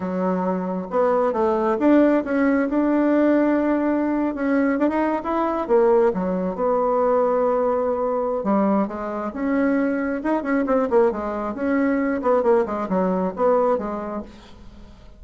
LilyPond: \new Staff \with { instrumentName = "bassoon" } { \time 4/4 \tempo 4 = 135 fis2 b4 a4 | d'4 cis'4 d'2~ | d'4.~ d'16 cis'4 d'16 dis'8. e'16~ | e'8. ais4 fis4 b4~ b16~ |
b2. g4 | gis4 cis'2 dis'8 cis'8 | c'8 ais8 gis4 cis'4. b8 | ais8 gis8 fis4 b4 gis4 | }